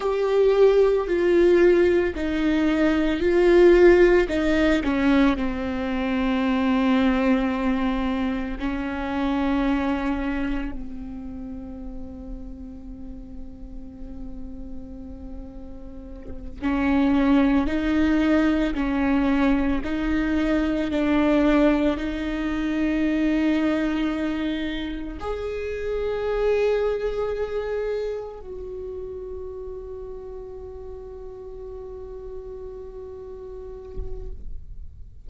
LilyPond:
\new Staff \with { instrumentName = "viola" } { \time 4/4 \tempo 4 = 56 g'4 f'4 dis'4 f'4 | dis'8 cis'8 c'2. | cis'2 c'2~ | c'2.~ c'8 cis'8~ |
cis'8 dis'4 cis'4 dis'4 d'8~ | d'8 dis'2. gis'8~ | gis'2~ gis'8 fis'4.~ | fis'1 | }